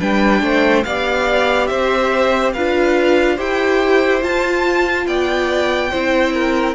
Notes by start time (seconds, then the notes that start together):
0.00 G3 D4 B4 G5
0.42 A3 C5
0.84 B3 G4 D5 F5
1.67 C4 C5 E5
2.53 D4 F4 B4 F5
3.36 E4 G4 C5 G5
4.21 F4 A5
5.07 B3 D5 G5
5.91 C4 E4 C5
6.34 A#4